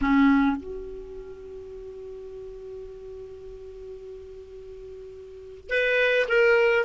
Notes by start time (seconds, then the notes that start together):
0.01 C#4
0.56 F#4
5.69 B4
6.28 A#4